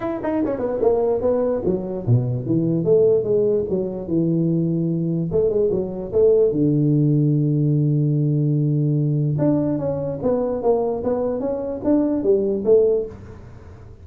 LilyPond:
\new Staff \with { instrumentName = "tuba" } { \time 4/4 \tempo 4 = 147 e'8 dis'8 cis'8 b8 ais4 b4 | fis4 b,4 e4 a4 | gis4 fis4 e2~ | e4 a8 gis8 fis4 a4 |
d1~ | d2. d'4 | cis'4 b4 ais4 b4 | cis'4 d'4 g4 a4 | }